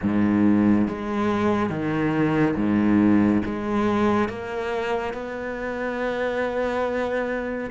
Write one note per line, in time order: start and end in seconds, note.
0.02 0.88 G#2
0.88 1.69 G#3
1.69 2.55 D#3
2.56 3.42 G#2
3.45 4.29 G#3
4.29 5.13 A#3
5.13 7.70 B3